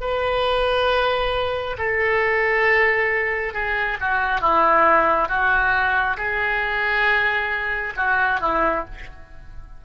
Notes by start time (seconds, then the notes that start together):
0.00 B4
1.78 A4
3.53 G#4
4.00 F#4
4.40 E4
5.28 F#4
6.16 G#4
7.96 F#4
8.40 E4